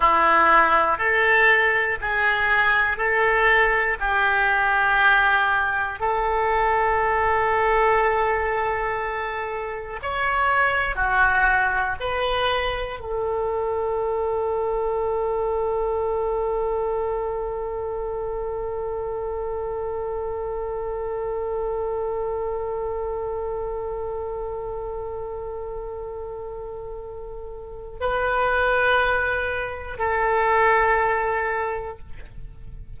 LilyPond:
\new Staff \with { instrumentName = "oboe" } { \time 4/4 \tempo 4 = 60 e'4 a'4 gis'4 a'4 | g'2 a'2~ | a'2 cis''4 fis'4 | b'4 a'2.~ |
a'1~ | a'1~ | a'1 | b'2 a'2 | }